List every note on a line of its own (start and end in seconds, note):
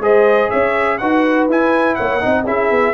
0.00 0.49 G#3
0.00 0.99 G#4
0.00 0.50 C5
0.00 0.50 D#5
0.50 1.01 C#4
0.50 0.98 C#5
0.50 0.98 E5
0.98 1.48 D#4
0.98 1.50 F#4
0.98 1.98 B4
0.98 1.47 F#5
1.48 1.97 E4
1.48 2.20 E4
1.48 1.95 G#5
1.95 2.24 A#3
1.95 2.22 C#5
1.95 2.44 F#5
2.20 2.47 C4
2.20 2.45 D#4
2.20 2.46 D#5
2.46 2.70 C#4
2.46 2.94 E4
2.46 2.94 G#4
2.46 2.94 E5
2.70 2.94 B3